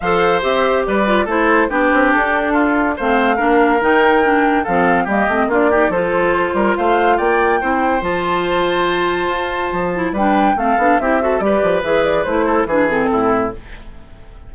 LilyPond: <<
  \new Staff \with { instrumentName = "flute" } { \time 4/4 \tempo 4 = 142 f''4 e''4 d''4 c''4 | b'4 a'2 f''4~ | f''4 g''2 f''4 | dis''4 d''4 c''2 |
f''4 g''2 a''4~ | a''1 | g''4 f''4 e''4 d''4 | e''8 d''8 c''4 b'8 a'4. | }
  \new Staff \with { instrumentName = "oboe" } { \time 4/4 c''2 b'4 a'4 | g'2 f'4 c''4 | ais'2. a'4 | g'4 f'8 g'8 a'4. ais'8 |
c''4 d''4 c''2~ | c''1 | b'4 a'4 g'8 a'8 b'4~ | b'4. a'8 gis'4 e'4 | }
  \new Staff \with { instrumentName = "clarinet" } { \time 4/4 a'4 g'4. f'8 e'4 | d'2. c'4 | d'4 dis'4 d'4 c'4 | ais8 c'8 d'8 dis'8 f'2~ |
f'2 e'4 f'4~ | f'2.~ f'8 e'8 | d'4 c'8 d'8 e'8 fis'8 g'4 | gis'4 e'4 d'8 c'4. | }
  \new Staff \with { instrumentName = "bassoon" } { \time 4/4 f4 c'4 g4 a4 | b8 c'8 d'2 a4 | ais4 dis2 f4 | g8 a8 ais4 f4. g8 |
a4 ais4 c'4 f4~ | f2 f'4 f4 | g4 a8 b8 c'4 g8 f8 | e4 a4 e4 a,4 | }
>>